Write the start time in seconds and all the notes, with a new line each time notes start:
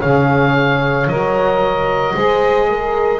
0.00 C#3 G#4 C#5 F5
1.07 F#3 A#4 D#5
2.15 G#3 G#4 C5
2.69 A#4